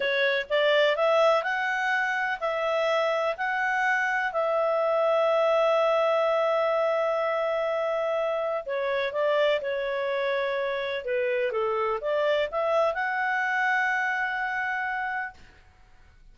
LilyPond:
\new Staff \with { instrumentName = "clarinet" } { \time 4/4 \tempo 4 = 125 cis''4 d''4 e''4 fis''4~ | fis''4 e''2 fis''4~ | fis''4 e''2.~ | e''1~ |
e''2 cis''4 d''4 | cis''2. b'4 | a'4 d''4 e''4 fis''4~ | fis''1 | }